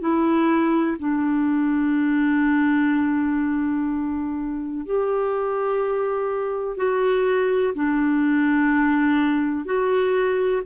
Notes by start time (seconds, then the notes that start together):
0.00 E4
0.99 D4
4.86 G4
6.77 F#4
7.75 D4
9.66 F#4